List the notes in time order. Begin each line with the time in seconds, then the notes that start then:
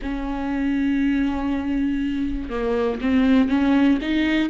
0.02 C#4
2.50 A#3
3.00 C4
3.48 C#4
4.01 D#4